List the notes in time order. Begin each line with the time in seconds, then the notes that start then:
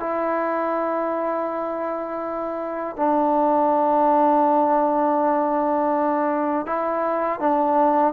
0.00 E4
2.96 D4
6.66 E4
7.40 D4